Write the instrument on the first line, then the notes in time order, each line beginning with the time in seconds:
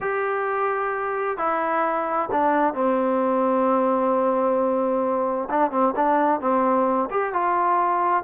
trombone
0.00 G4
1.37 E4
2.31 D4
2.74 C4
5.50 D4
5.71 C4
5.95 D4
6.40 C4
7.10 G4
7.33 F4